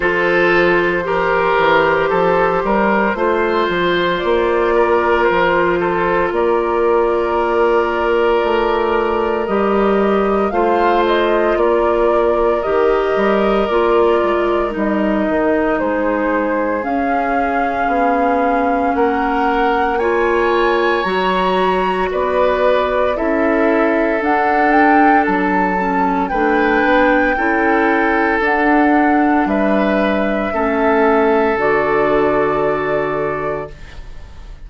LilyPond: <<
  \new Staff \with { instrumentName = "flute" } { \time 4/4 \tempo 4 = 57 c''1 | d''4 c''4 d''2~ | d''4 dis''4 f''8 dis''8 d''4 | dis''4 d''4 dis''4 c''4 |
f''2 fis''4 gis''4 | ais''4 d''4 e''4 fis''8 g''8 | a''4 g''2 fis''4 | e''2 d''2 | }
  \new Staff \with { instrumentName = "oboe" } { \time 4/4 a'4 ais'4 a'8 ais'8 c''4~ | c''8 ais'4 a'8 ais'2~ | ais'2 c''4 ais'4~ | ais'2. gis'4~ |
gis'2 ais'4 cis''4~ | cis''4 b'4 a'2~ | a'4 b'4 a'2 | b'4 a'2. | }
  \new Staff \with { instrumentName = "clarinet" } { \time 4/4 f'4 g'2 f'4~ | f'1~ | f'4 g'4 f'2 | g'4 f'4 dis'2 |
cis'2. f'4 | fis'2 e'4 d'4~ | d'8 cis'8 d'4 e'4 d'4~ | d'4 cis'4 fis'2 | }
  \new Staff \with { instrumentName = "bassoon" } { \time 4/4 f4. e8 f8 g8 a8 f8 | ais4 f4 ais2 | a4 g4 a4 ais4 | dis8 g8 ais8 gis8 g8 dis8 gis4 |
cis'4 b4 ais2 | fis4 b4 cis'4 d'4 | fis4 a8 b8 cis'4 d'4 | g4 a4 d2 | }
>>